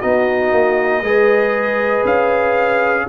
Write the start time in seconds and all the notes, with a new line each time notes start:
0.00 B3 D#4 F#4 D#5
0.52 A#3
1.01 G#3 G#4 B4
2.04 C#4 F5